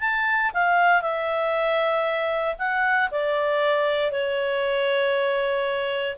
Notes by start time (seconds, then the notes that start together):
0.00 A5
0.53 F5
1.01 E5
2.58 F#5
3.11 D5
4.11 C#5